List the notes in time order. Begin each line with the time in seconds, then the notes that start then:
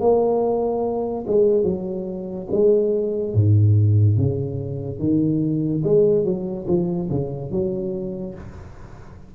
0.00 A#3
1.27 G#3
1.63 F#3
2.51 G#3
3.34 G#2
4.17 C#3
4.99 D#3
5.84 G#3
6.24 F#3
6.67 F3
7.10 C#3
7.51 F#3